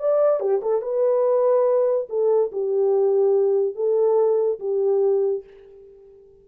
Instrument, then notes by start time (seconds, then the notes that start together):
horn
0.00 D5
0.40 G4
0.62 A4
0.82 B4
2.10 A4
2.52 G4
3.76 A4
4.60 G4